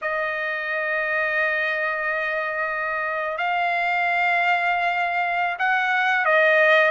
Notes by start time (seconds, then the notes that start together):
0.01 D#5
3.37 F5
5.58 F#5
6.25 D#5